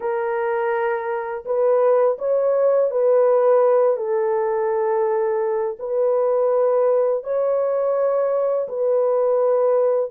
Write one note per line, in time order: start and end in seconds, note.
0.00 1.44 A#4
1.45 2.17 B4
2.18 2.90 C#5
2.90 3.96 B4
3.96 5.77 A4
5.79 7.23 B4
7.23 8.67 C#5
8.68 10.10 B4